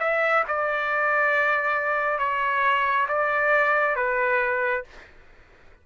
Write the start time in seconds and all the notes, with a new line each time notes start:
0.00 E5
0.48 D5
2.19 C#5
3.09 D5
3.96 B4